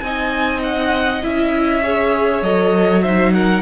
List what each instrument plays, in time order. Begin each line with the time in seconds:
0.00 cello C4, viola D#4, violin D#5 G#5
0.64 violin F#5
1.23 cello C#4, viola E4, violin E5
1.83 viola G#4, violin C#5
2.42 cello F#3, viola A4, violin D#5
3.03 viola D#4, violin C5 E5
3.34 violin A#4 F#5